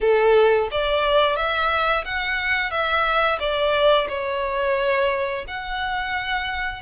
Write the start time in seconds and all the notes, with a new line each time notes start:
0.00 A4
0.71 D5
1.36 E5
2.05 F#5
2.70 E5
3.39 D5
4.08 C#5
5.47 F#5